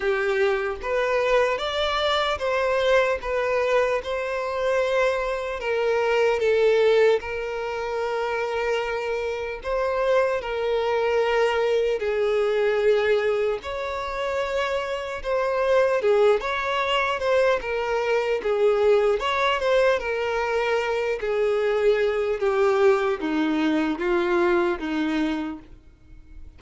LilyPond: \new Staff \with { instrumentName = "violin" } { \time 4/4 \tempo 4 = 75 g'4 b'4 d''4 c''4 | b'4 c''2 ais'4 | a'4 ais'2. | c''4 ais'2 gis'4~ |
gis'4 cis''2 c''4 | gis'8 cis''4 c''8 ais'4 gis'4 | cis''8 c''8 ais'4. gis'4. | g'4 dis'4 f'4 dis'4 | }